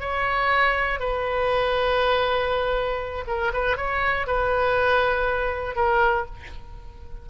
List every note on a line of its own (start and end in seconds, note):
0.00 0.99 C#5
0.99 3.24 B4
3.27 3.52 A#4
3.53 3.76 B4
3.76 4.26 C#5
4.26 5.75 B4
5.75 6.25 A#4